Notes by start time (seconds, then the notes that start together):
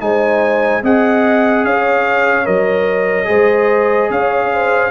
0.00 G#3 D#4 C5 G#5
0.83 C4 G#4 D#5 F#5
1.65 C#4 C#5 F5
2.45 F#3 A#4 D#5
3.24 G#3 G#4 C5
4.10 C#4 C#5 F5
4.53 C5